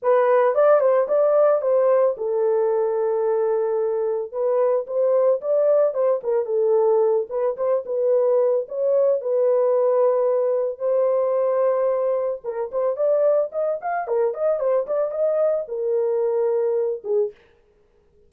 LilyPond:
\new Staff \with { instrumentName = "horn" } { \time 4/4 \tempo 4 = 111 b'4 d''8 c''8 d''4 c''4 | a'1 | b'4 c''4 d''4 c''8 ais'8 | a'4. b'8 c''8 b'4. |
cis''4 b'2. | c''2. ais'8 c''8 | d''4 dis''8 f''8 ais'8 dis''8 c''8 d''8 | dis''4 ais'2~ ais'8 gis'8 | }